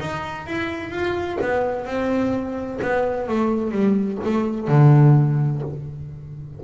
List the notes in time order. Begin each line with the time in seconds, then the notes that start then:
0.00 D#4
0.47 E4
0.91 F4
1.41 B3
1.86 C4
2.82 B3
3.28 A3
3.71 G3
4.25 A3
4.68 D3